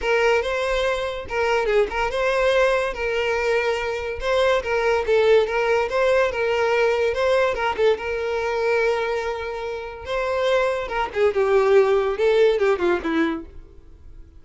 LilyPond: \new Staff \with { instrumentName = "violin" } { \time 4/4 \tempo 4 = 143 ais'4 c''2 ais'4 | gis'8 ais'8 c''2 ais'4~ | ais'2 c''4 ais'4 | a'4 ais'4 c''4 ais'4~ |
ais'4 c''4 ais'8 a'8 ais'4~ | ais'1 | c''2 ais'8 gis'8 g'4~ | g'4 a'4 g'8 f'8 e'4 | }